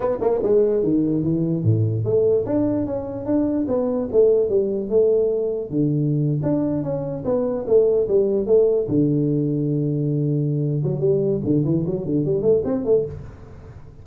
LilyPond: \new Staff \with { instrumentName = "tuba" } { \time 4/4 \tempo 4 = 147 b8 ais8 gis4 dis4 e4 | a,4 a4 d'4 cis'4 | d'4 b4 a4 g4 | a2 d4.~ d16 d'16~ |
d'8. cis'4 b4 a4 g16~ | g8. a4 d2~ d16~ | d2~ d8 fis8 g4 | d8 e8 fis8 d8 g8 a8 c'8 a8 | }